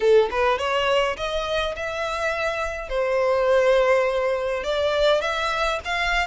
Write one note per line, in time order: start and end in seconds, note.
0.00 0.29 A4
0.30 0.58 B4
0.58 1.16 C#5
1.17 1.75 D#5
1.76 2.89 E5
2.89 4.63 C5
4.63 5.21 D5
5.21 5.79 E5
5.84 6.27 F5